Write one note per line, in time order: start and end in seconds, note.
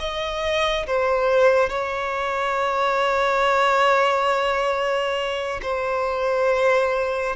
0.00 0.87 D#5
0.87 1.70 C5
1.70 5.61 C#5
5.63 7.37 C5